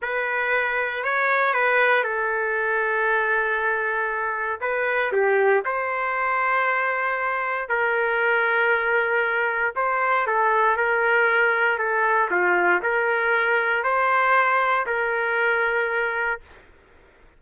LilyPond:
\new Staff \with { instrumentName = "trumpet" } { \time 4/4 \tempo 4 = 117 b'2 cis''4 b'4 | a'1~ | a'4 b'4 g'4 c''4~ | c''2. ais'4~ |
ais'2. c''4 | a'4 ais'2 a'4 | f'4 ais'2 c''4~ | c''4 ais'2. | }